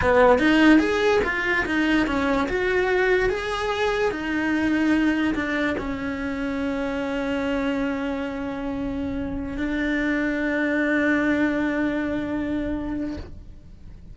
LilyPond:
\new Staff \with { instrumentName = "cello" } { \time 4/4 \tempo 4 = 146 b4 dis'4 gis'4 f'4 | dis'4 cis'4 fis'2 | gis'2 dis'2~ | dis'4 d'4 cis'2~ |
cis'1~ | cis'2.~ cis'16 d'8.~ | d'1~ | d'1 | }